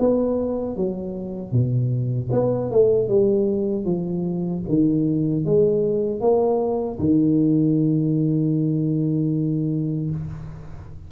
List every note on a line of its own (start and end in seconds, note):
0.00 0.77 B3
0.77 1.52 F#3
1.52 2.30 B2
2.32 2.71 B3
2.71 3.09 A3
3.09 3.85 G3
3.85 4.63 F3
4.69 5.45 D#3
5.45 6.21 G#3
6.21 6.99 A#3
7.00 10.11 D#3